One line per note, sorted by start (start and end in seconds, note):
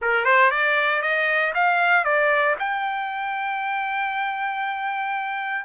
0.01 0.24 A#4
0.24 0.50 C5
0.50 1.01 D5
1.01 1.53 D#5
1.54 2.04 F5
2.04 2.55 D5
2.59 5.65 G5